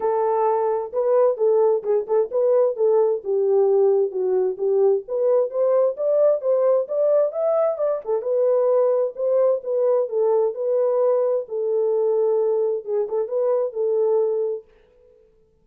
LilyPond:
\new Staff \with { instrumentName = "horn" } { \time 4/4 \tempo 4 = 131 a'2 b'4 a'4 | gis'8 a'8 b'4 a'4 g'4~ | g'4 fis'4 g'4 b'4 | c''4 d''4 c''4 d''4 |
e''4 d''8 a'8 b'2 | c''4 b'4 a'4 b'4~ | b'4 a'2. | gis'8 a'8 b'4 a'2 | }